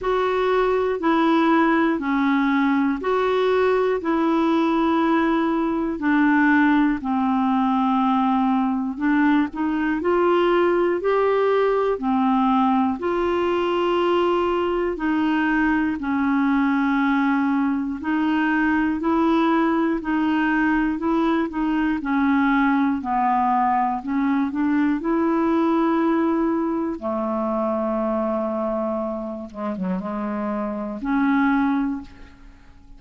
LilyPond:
\new Staff \with { instrumentName = "clarinet" } { \time 4/4 \tempo 4 = 60 fis'4 e'4 cis'4 fis'4 | e'2 d'4 c'4~ | c'4 d'8 dis'8 f'4 g'4 | c'4 f'2 dis'4 |
cis'2 dis'4 e'4 | dis'4 e'8 dis'8 cis'4 b4 | cis'8 d'8 e'2 a4~ | a4. gis16 fis16 gis4 cis'4 | }